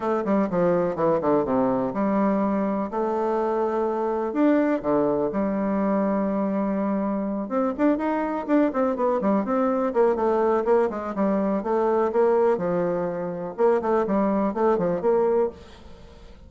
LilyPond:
\new Staff \with { instrumentName = "bassoon" } { \time 4/4 \tempo 4 = 124 a8 g8 f4 e8 d8 c4 | g2 a2~ | a4 d'4 d4 g4~ | g2.~ g8 c'8 |
d'8 dis'4 d'8 c'8 b8 g8 c'8~ | c'8 ais8 a4 ais8 gis8 g4 | a4 ais4 f2 | ais8 a8 g4 a8 f8 ais4 | }